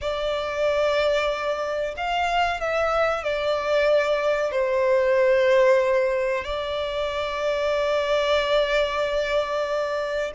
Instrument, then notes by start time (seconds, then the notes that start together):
violin
0.01 D5
1.96 F5
2.60 E5
3.23 D5
4.51 C5
6.44 D5